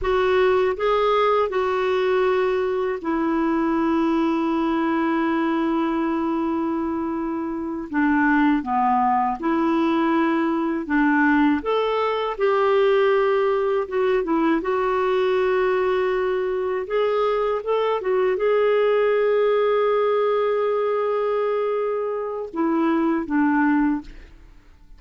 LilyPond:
\new Staff \with { instrumentName = "clarinet" } { \time 4/4 \tempo 4 = 80 fis'4 gis'4 fis'2 | e'1~ | e'2~ e'8 d'4 b8~ | b8 e'2 d'4 a'8~ |
a'8 g'2 fis'8 e'8 fis'8~ | fis'2~ fis'8 gis'4 a'8 | fis'8 gis'2.~ gis'8~ | gis'2 e'4 d'4 | }